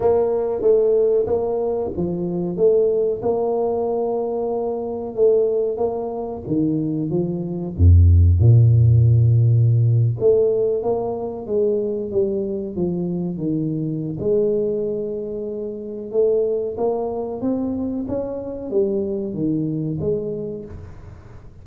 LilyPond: \new Staff \with { instrumentName = "tuba" } { \time 4/4 \tempo 4 = 93 ais4 a4 ais4 f4 | a4 ais2. | a4 ais4 dis4 f4 | f,4 ais,2~ ais,8. a16~ |
a8. ais4 gis4 g4 f16~ | f8. dis4~ dis16 gis2~ | gis4 a4 ais4 c'4 | cis'4 g4 dis4 gis4 | }